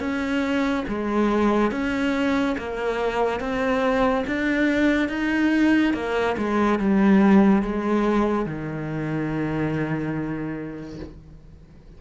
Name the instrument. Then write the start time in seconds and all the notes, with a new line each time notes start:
cello
0.00 C#4
0.88 G#3
1.71 C#4
2.58 A#3
3.40 C4
4.27 D4
5.09 D#4
5.94 A#3
6.38 G#3
6.80 G3
7.62 G#3
8.46 D#3